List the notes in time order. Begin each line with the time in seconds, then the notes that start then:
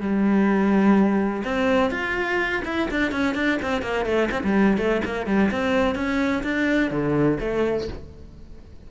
0.00 G3
1.44 C4
1.90 F4
2.64 E4
2.90 D4
3.11 C#4
3.35 D4
3.61 C4
3.82 A#3
4.05 A3
4.31 C4
4.43 G3
4.77 A3
5.05 A#3
5.26 G3
5.51 C4
5.95 C#4
6.43 D4
6.90 D3
7.40 A3